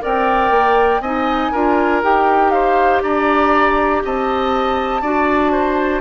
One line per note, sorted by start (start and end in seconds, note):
0.00 0.50 C4
0.00 1.00 A#4
0.00 1.01 D5
0.00 1.01 G5
0.50 1.00 A#3
1.00 1.50 C4
1.00 1.54 D#4
1.00 1.51 D#5
1.00 2.01 G#5
1.51 2.03 D4
1.51 2.02 F4
1.51 2.51 A#4
2.02 3.02 D#4
2.02 5.02 G4
2.02 2.50 G5
2.50 3.02 C5
2.50 3.00 F5
3.02 4.02 D4
3.02 4.02 D5
3.02 4.02 A#5
4.04 5.01 C4
4.04 5.01 D#5
4.04 6.01 A5
5.01 6.01 D4
5.01 6.01 F#4
5.01 5.51 D5
5.51 6.01 C5